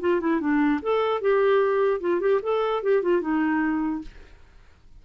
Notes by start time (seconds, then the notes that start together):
0.00 F4
0.20 E4
0.40 D4
0.82 A4
1.21 G4
2.00 F4
2.20 G4
2.42 A4
2.82 G4
3.02 F4
3.21 D#4